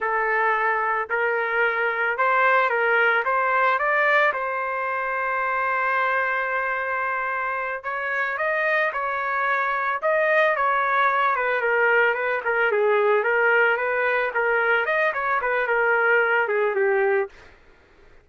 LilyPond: \new Staff \with { instrumentName = "trumpet" } { \time 4/4 \tempo 4 = 111 a'2 ais'2 | c''4 ais'4 c''4 d''4 | c''1~ | c''2~ c''8 cis''4 dis''8~ |
dis''8 cis''2 dis''4 cis''8~ | cis''4 b'8 ais'4 b'8 ais'8 gis'8~ | gis'8 ais'4 b'4 ais'4 dis''8 | cis''8 b'8 ais'4. gis'8 g'4 | }